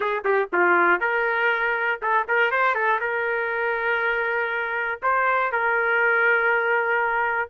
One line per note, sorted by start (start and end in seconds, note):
0.00 0.23 G#4
0.24 0.49 G4
0.52 1.00 F4
1.00 2.00 A#4
2.01 2.26 A4
2.27 2.51 A#4
2.51 2.74 C5
2.74 2.99 A4
3.00 5.00 A#4
5.02 5.52 C5
5.52 7.49 A#4